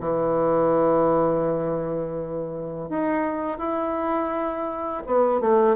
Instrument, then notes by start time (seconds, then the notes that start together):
bassoon
0.00 E3
2.89 D#4
3.58 E4
5.06 B3
5.40 A3